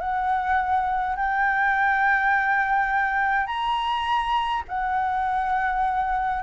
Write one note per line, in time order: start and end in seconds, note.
0.00 1.16 F#5
1.16 3.46 G5
3.46 4.63 A#5
4.68 6.43 F#5